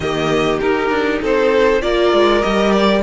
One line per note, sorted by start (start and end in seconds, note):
0.00 0.60 D#3
0.00 0.62 A#3
0.00 1.21 G4
0.00 0.59 D#5
0.60 0.90 D#4
0.60 1.81 D#4
0.60 1.21 A#4
0.90 1.20 D4
1.21 1.82 C4
1.21 1.82 A4
1.21 1.81 C5
1.81 2.12 A#3
1.81 2.41 F4
1.81 3.02 A#4
1.81 2.42 D5
2.12 2.43 G#3
2.42 3.02 G3
2.42 3.02 G4
2.42 2.71 D#5
2.71 3.02 D5